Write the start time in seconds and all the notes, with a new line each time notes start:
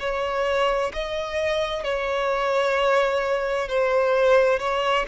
0.00 C#5
0.94 D#5
1.84 C#5
3.69 C5
4.60 C#5